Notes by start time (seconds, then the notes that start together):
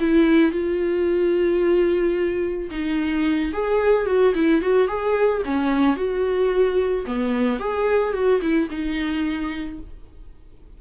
0.00 E4
0.52 F4
2.71 D#4
3.53 G#4
4.07 F#4
4.35 E4
4.62 F#4
4.88 G#4
5.45 C#4
5.97 F#4
7.07 B3
7.60 G#4
8.13 F#4
8.42 E4
8.70 D#4